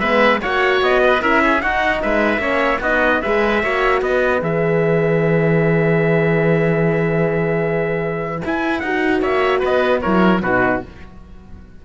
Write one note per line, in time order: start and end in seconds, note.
0.00 0.40 G#3
0.00 0.43 B3
0.00 0.40 B4
0.00 0.40 E5
0.42 0.82 A#3
0.42 1.21 F#4
0.42 1.02 C#5
0.42 0.83 F#5
0.82 1.22 B3
0.82 1.22 D#5
1.03 1.22 B4
1.21 1.62 C#4
1.21 1.61 E4
1.21 1.42 A#4
1.21 1.62 E5
1.44 1.62 G#4
1.62 2.40 D#4
1.62 2.03 D#4
1.62 2.02 F#4
1.62 2.02 F#5
2.02 2.39 G#3
2.02 2.42 B4
2.02 2.82 E5
2.39 2.79 A#3
2.39 2.80 C#4
2.39 2.81 C#5
2.81 3.21 B3
2.81 3.24 D#4
2.81 3.21 F#4
2.81 3.22 D#5
3.22 3.64 G#3
3.22 3.64 G#4
3.22 3.63 B4
3.22 4.02 E5
3.63 4.02 A#3
3.63 4.42 F#4
3.63 4.02 C#5
4.02 4.42 B3
4.02 9.21 B4
4.02 4.43 D#5
4.42 8.42 E3
4.42 8.42 G#4
4.42 8.43 E5
8.42 8.82 E4
8.42 8.83 E4
8.42 8.79 G#5
8.79 9.23 D#4
8.79 9.19 F#5
8.85 10.03 F#4
9.21 9.62 A#3
9.21 9.60 C#5
9.21 9.62 E5
9.60 10.05 B3
9.60 10.00 B4
9.60 10.02 D#5
10.02 10.42 F#3
10.02 10.43 E4
10.02 10.42 A#4
10.02 10.42 C#5
10.42 10.82 B2
10.42 10.85 D#4
10.42 10.82 F#4
10.42 10.83 B4